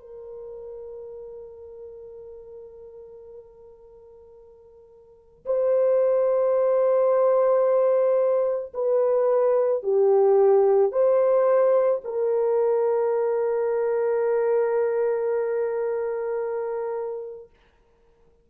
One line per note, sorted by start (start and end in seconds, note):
0.00 5.45 A#4
5.45 8.73 C5
8.74 9.83 B4
9.83 10.92 G4
10.92 12.01 C5
12.04 17.50 A#4